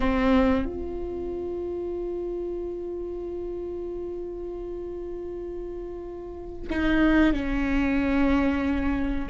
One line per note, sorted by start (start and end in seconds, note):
0.00 0.65 C4
0.65 6.68 F4
6.70 7.33 D#4
7.33 9.28 C#4